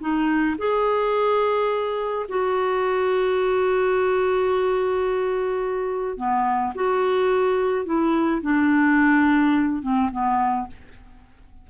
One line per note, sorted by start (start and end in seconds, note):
0.00 0.56 D#4
0.58 2.26 G#4
2.28 6.17 F#4
6.17 6.73 B3
6.75 7.85 F#4
7.85 8.41 E4
8.42 9.82 D4
9.82 10.10 C4
10.11 10.67 B3